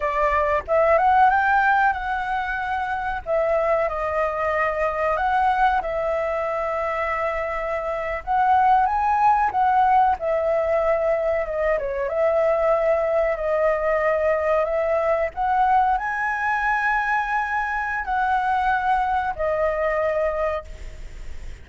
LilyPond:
\new Staff \with { instrumentName = "flute" } { \time 4/4 \tempo 4 = 93 d''4 e''8 fis''8 g''4 fis''4~ | fis''4 e''4 dis''2 | fis''4 e''2.~ | e''8. fis''4 gis''4 fis''4 e''16~ |
e''4.~ e''16 dis''8 cis''8 e''4~ e''16~ | e''8. dis''2 e''4 fis''16~ | fis''8. gis''2.~ gis''16 | fis''2 dis''2 | }